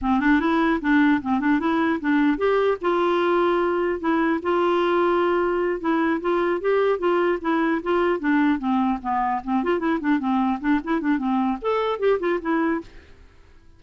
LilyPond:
\new Staff \with { instrumentName = "clarinet" } { \time 4/4 \tempo 4 = 150 c'8 d'8 e'4 d'4 c'8 d'8 | e'4 d'4 g'4 f'4~ | f'2 e'4 f'4~ | f'2~ f'8 e'4 f'8~ |
f'8 g'4 f'4 e'4 f'8~ | f'8 d'4 c'4 b4 c'8 | f'8 e'8 d'8 c'4 d'8 e'8 d'8 | c'4 a'4 g'8 f'8 e'4 | }